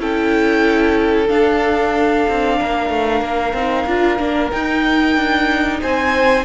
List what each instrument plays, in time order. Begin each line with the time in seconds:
0.00 cello C#4, viola E4, violin A4 G5
1.28 viola D4, cello D4, violin F5
2.29 cello C4
2.59 cello A#3, violin A#4
2.90 cello A3
3.22 cello A#3
3.53 cello C4, viola D#4
3.87 cello D4, viola F4
4.18 cello A#3, viola D4
4.51 cello D#4, viola D#4, violin G5
5.16 cello D4
5.81 cello C4, violin C5 G#5